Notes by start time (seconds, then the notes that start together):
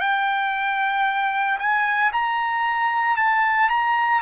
0.00 G5
1.58 G#5
2.12 A#5
3.16 A5
3.69 A#5